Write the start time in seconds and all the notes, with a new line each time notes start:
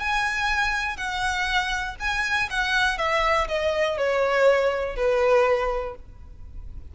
0.00 G#5
0.97 F#5
2.00 G#5
2.50 F#5
2.98 E5
3.48 D#5
3.98 C#5
4.96 B4